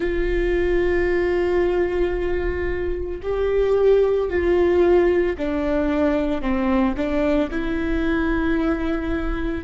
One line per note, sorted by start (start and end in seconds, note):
0.00 3.21 F4
3.22 4.29 G4
4.29 5.36 F4
5.37 6.41 D4
6.41 6.94 C4
6.96 7.50 D4
7.50 9.64 E4